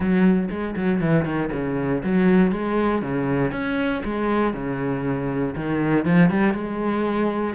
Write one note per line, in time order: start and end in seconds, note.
0.00 0.49 F#3
0.50 0.75 G#3
0.75 1.01 F#3
1.01 1.25 E3
1.25 1.50 D#3
1.52 2.02 C#3
2.03 2.51 F#3
2.51 3.02 G#3
3.02 3.51 C#3
3.51 4.02 C#4
4.04 4.53 G#3
4.53 5.54 C#3
5.55 6.05 D#3
6.05 6.30 F3
6.30 6.53 G3
6.53 7.54 G#3